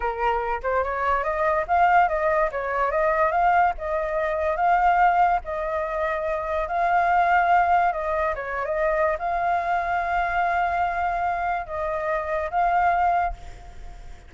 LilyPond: \new Staff \with { instrumentName = "flute" } { \time 4/4 \tempo 4 = 144 ais'4. c''8 cis''4 dis''4 | f''4 dis''4 cis''4 dis''4 | f''4 dis''2 f''4~ | f''4 dis''2. |
f''2. dis''4 | cis''8. dis''4~ dis''16 f''2~ | f''1 | dis''2 f''2 | }